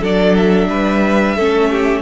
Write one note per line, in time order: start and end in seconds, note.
0.00 0.68 F#3
0.00 1.37 D4
0.00 0.67 A4
0.00 0.36 D5
0.36 2.01 E5
0.68 1.36 G3
0.68 1.36 B4
1.36 2.01 A3
1.36 2.01 C#4
1.36 1.69 A4
1.70 2.01 G4